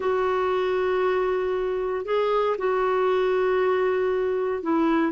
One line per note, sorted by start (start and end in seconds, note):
0.00 2.05 F#4
2.05 2.56 G#4
2.58 4.62 F#4
4.62 5.11 E4